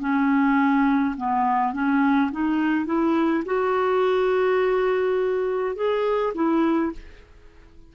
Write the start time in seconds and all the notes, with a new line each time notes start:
0.00 C#4
1.17 B3
1.74 C#4
2.31 D#4
2.86 E4
3.45 F#4
5.76 G#4
6.35 E4